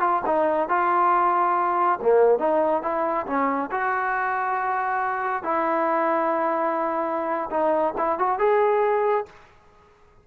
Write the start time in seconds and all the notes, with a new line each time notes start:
0.00 F4
0.26 D#4
0.68 F4
2.02 A#3
2.39 D#4
2.82 E4
3.26 C#4
3.71 F#4
5.43 E4
7.50 D#4
7.97 E4
8.19 F#4
8.39 G#4